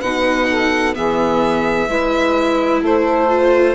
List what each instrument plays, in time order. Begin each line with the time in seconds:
0.00 bassoon B2, viola D#4, saxophone B4, violin F#5
0.50 saxophone A4
0.94 bassoon E3, viola B3, saxophone G#4, violin E5
1.89 bassoon G#3, viola E4, saxophone B4
2.82 bassoon A3, saxophone A4, violin C5
3.29 viola F4